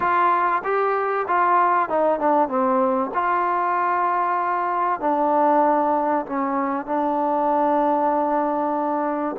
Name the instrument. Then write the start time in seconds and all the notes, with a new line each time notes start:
trombone
0.00 F4
0.63 G4
1.27 F4
1.89 D#4
2.19 D4
2.48 C4
3.13 F4
5.00 D4
6.26 C#4
6.86 D4